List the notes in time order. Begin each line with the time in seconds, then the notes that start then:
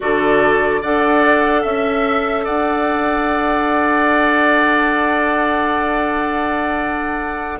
0.00 D3 F#4 A4 D5
0.81 D4 A4 D5 F#5
1.62 C#4 E5
2.44 D4 D5 F#5